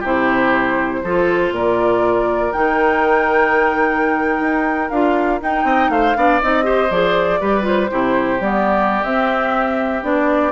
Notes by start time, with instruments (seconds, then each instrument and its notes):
0.00 bassoon C3, clarinet E4, oboe G4
0.06 flute C5
1.04 bassoon F3, clarinet F4, oboe A4
1.52 bassoon A#2, oboe A#4, flute D5
2.52 bassoon D#3, clarinet D#4, flute G5
4.40 bassoon D#4
4.90 bassoon D4, clarinet F4, flute F5
5.41 clarinet D#4, bassoon D#4, flute G5
5.64 bassoon C4, oboe D#5
5.89 bassoon A3, oboe C5, flute F5
6.16 bassoon B3, clarinet D4, oboe D5
6.42 bassoon C4, clarinet D#4, flute D#5
6.63 clarinet G4, oboe C5
6.91 bassoon F3, clarinet G#4, flute D5
7.40 bassoon G3, clarinet G4, oboe B4
7.63 clarinet F4, flute C5
7.91 bassoon C3, clarinet E4, oboe G4
8.41 bassoon G3, clarinet B3, flute D5
9.04 bassoon C4, clarinet C4, flute E5
10.03 bassoon B3, clarinet D4, flute D5